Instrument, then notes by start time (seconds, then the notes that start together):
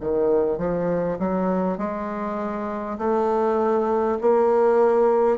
bassoon
0.00 D#3
0.58 F3
1.19 F#3
1.78 G#3
2.98 A3
4.21 A#3